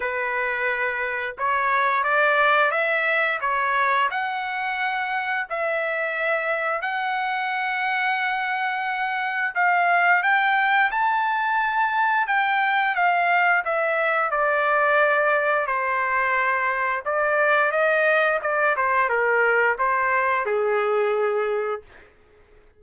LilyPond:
\new Staff \with { instrumentName = "trumpet" } { \time 4/4 \tempo 4 = 88 b'2 cis''4 d''4 | e''4 cis''4 fis''2 | e''2 fis''2~ | fis''2 f''4 g''4 |
a''2 g''4 f''4 | e''4 d''2 c''4~ | c''4 d''4 dis''4 d''8 c''8 | ais'4 c''4 gis'2 | }